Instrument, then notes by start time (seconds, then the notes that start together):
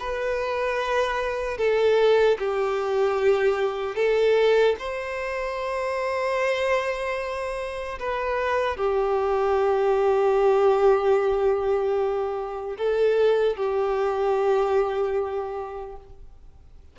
violin
0.00 B4
1.58 A4
2.39 G4
3.96 A4
4.79 C5
8.00 B4
8.77 G4
12.78 A4
13.57 G4